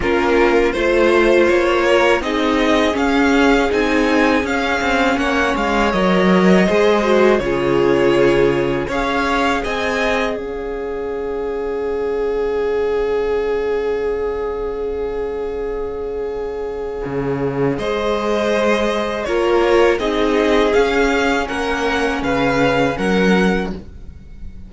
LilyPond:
<<
  \new Staff \with { instrumentName = "violin" } { \time 4/4 \tempo 4 = 81 ais'4 c''4 cis''4 dis''4 | f''4 gis''4 f''4 fis''8 f''8 | dis''2 cis''2 | f''4 gis''4 f''2~ |
f''1~ | f''1 | dis''2 cis''4 dis''4 | f''4 fis''4 f''4 fis''4 | }
  \new Staff \with { instrumentName = "violin" } { \time 4/4 f'4 c''4. ais'8 gis'4~ | gis'2. cis''4~ | cis''4 c''4 gis'2 | cis''4 dis''4 cis''2~ |
cis''1~ | cis''1 | c''2 ais'4 gis'4~ | gis'4 ais'4 b'4 ais'4 | }
  \new Staff \with { instrumentName = "viola" } { \time 4/4 cis'4 f'2 dis'4 | cis'4 dis'4 cis'2 | ais'4 gis'8 fis'8 f'2 | gis'1~ |
gis'1~ | gis'1~ | gis'2 f'4 dis'4 | cis'1 | }
  \new Staff \with { instrumentName = "cello" } { \time 4/4 ais4 a4 ais4 c'4 | cis'4 c'4 cis'8 c'8 ais8 gis8 | fis4 gis4 cis2 | cis'4 c'4 cis'2~ |
cis'1~ | cis'2. cis4 | gis2 ais4 c'4 | cis'4 ais4 cis4 fis4 | }
>>